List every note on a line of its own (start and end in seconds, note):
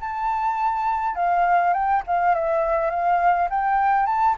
0.00 1.15 A5
1.15 1.73 F5
1.73 2.02 G5
2.07 2.34 F5
2.34 2.90 E5
2.90 3.48 F5
3.50 4.06 G5
4.06 4.35 A5